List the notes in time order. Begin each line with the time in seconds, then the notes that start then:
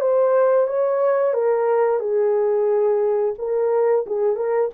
0.00 C5
0.67 C#5
1.33 A#4
1.99 G#4
3.38 A#4
4.06 G#4
4.36 A#4